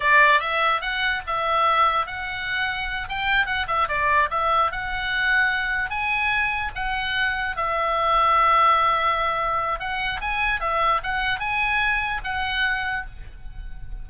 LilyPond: \new Staff \with { instrumentName = "oboe" } { \time 4/4 \tempo 4 = 147 d''4 e''4 fis''4 e''4~ | e''4 fis''2~ fis''8 g''8~ | g''8 fis''8 e''8 d''4 e''4 fis''8~ | fis''2~ fis''8 gis''4.~ |
gis''8 fis''2 e''4.~ | e''1 | fis''4 gis''4 e''4 fis''4 | gis''2 fis''2 | }